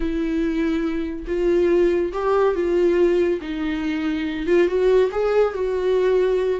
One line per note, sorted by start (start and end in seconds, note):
0.00 1.25 E4
1.27 2.12 F4
2.12 2.54 G4
2.54 3.39 F4
3.41 4.46 D#4
4.46 4.67 F4
4.67 5.10 F#4
5.11 5.54 G#4
5.54 6.60 F#4